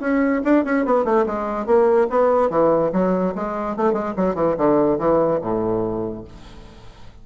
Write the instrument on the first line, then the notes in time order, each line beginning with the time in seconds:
bassoon
0.00 C#4
0.44 D4
0.65 C#4
0.85 B3
1.04 A3
1.26 G#3
1.66 A#3
2.10 B3
2.50 E3
2.92 F#3
3.35 G#3
3.77 A3
3.93 G#3
4.16 F#3
4.35 E3
4.57 D3
4.99 E3
5.41 A2